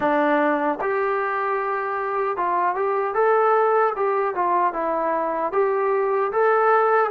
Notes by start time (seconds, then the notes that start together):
0.00 D4
0.81 G4
2.36 F4
2.75 G4
3.14 A4
3.96 G4
4.34 F4
4.73 E4
5.52 G4
6.32 A4